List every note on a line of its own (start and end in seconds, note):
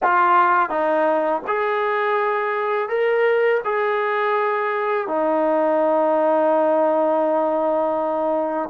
0.02 0.69 F4
0.69 1.41 D#4
1.47 2.88 G#4
2.88 3.60 A#4
3.64 5.07 G#4
5.07 8.69 D#4